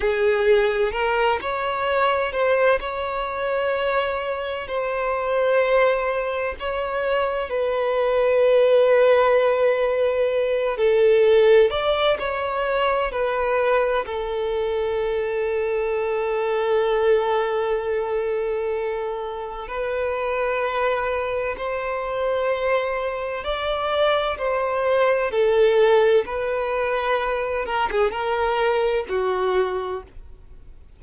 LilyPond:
\new Staff \with { instrumentName = "violin" } { \time 4/4 \tempo 4 = 64 gis'4 ais'8 cis''4 c''8 cis''4~ | cis''4 c''2 cis''4 | b'2.~ b'8 a'8~ | a'8 d''8 cis''4 b'4 a'4~ |
a'1~ | a'4 b'2 c''4~ | c''4 d''4 c''4 a'4 | b'4. ais'16 gis'16 ais'4 fis'4 | }